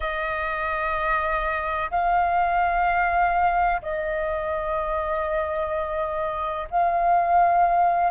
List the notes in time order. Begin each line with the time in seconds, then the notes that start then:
0.00 D#5
1.90 F5
3.82 D#5
6.70 F5